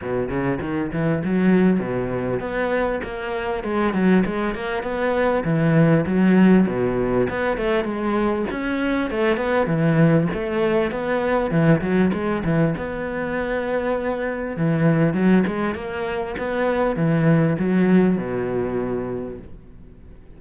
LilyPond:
\new Staff \with { instrumentName = "cello" } { \time 4/4 \tempo 4 = 99 b,8 cis8 dis8 e8 fis4 b,4 | b4 ais4 gis8 fis8 gis8 ais8 | b4 e4 fis4 b,4 | b8 a8 gis4 cis'4 a8 b8 |
e4 a4 b4 e8 fis8 | gis8 e8 b2. | e4 fis8 gis8 ais4 b4 | e4 fis4 b,2 | }